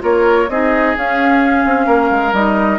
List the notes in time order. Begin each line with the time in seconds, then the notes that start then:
0.00 A#3 F4 A#4 C#5
0.48 C4 D#4 G#4 D#5
0.96 C#4 F5
1.65 C4
1.86 A#3 A#4
2.10 G#3
2.32 G3 D#4 D#5